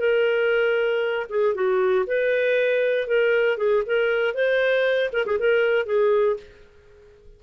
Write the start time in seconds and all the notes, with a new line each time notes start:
0.00 A#4
1.30 G#4
1.55 F#4
2.07 B4
3.08 A#4
3.58 G#4
3.87 A#4
4.35 C5
5.13 A#4
5.26 G#4
5.40 A#4
5.86 G#4